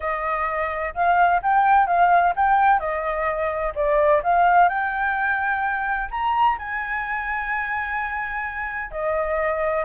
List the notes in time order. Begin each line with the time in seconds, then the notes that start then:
0.00 D#5
0.94 F5
1.42 G5
1.86 F5
2.36 G5
2.79 D#5
3.75 D5
4.23 F5
4.68 G5
6.11 A#5
6.58 G#5
8.91 D#5